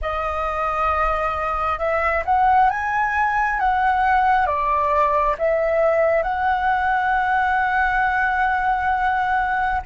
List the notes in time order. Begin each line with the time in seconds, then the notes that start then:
0.01 D#5
1.78 E5
2.25 F#5
2.69 G#5
3.59 F#5
4.46 D5
5.38 E5
6.22 F#5